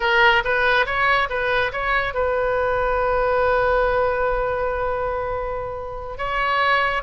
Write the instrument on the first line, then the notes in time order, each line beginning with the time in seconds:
oboe
0.00 A#4
0.44 B4
0.85 C#5
1.29 B4
1.72 C#5
2.14 B4
6.17 C#5